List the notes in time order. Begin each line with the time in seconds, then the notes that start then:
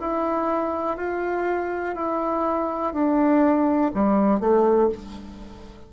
0.00 E4
0.97 F4
1.95 E4
2.93 D4
3.94 G3
4.40 A3